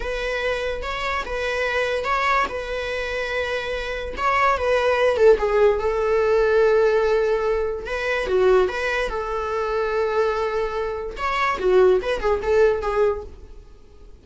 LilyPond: \new Staff \with { instrumentName = "viola" } { \time 4/4 \tempo 4 = 145 b'2 cis''4 b'4~ | b'4 cis''4 b'2~ | b'2 cis''4 b'4~ | b'8 a'8 gis'4 a'2~ |
a'2. b'4 | fis'4 b'4 a'2~ | a'2. cis''4 | fis'4 b'8 gis'8 a'4 gis'4 | }